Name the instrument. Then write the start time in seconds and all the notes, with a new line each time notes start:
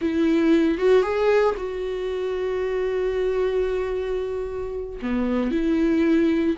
viola
0.01 E4
0.78 F#4
1.02 G#4
1.57 F#4
5.02 B3
5.51 E4